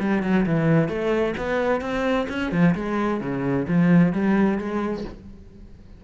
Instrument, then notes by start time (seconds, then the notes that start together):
cello
0.00 G3
0.23 F#3
0.46 E3
0.89 A3
1.38 B3
1.81 C4
2.29 C#4
2.52 F3
2.75 G#3
3.21 C#3
3.68 F3
4.13 G3
4.59 G#3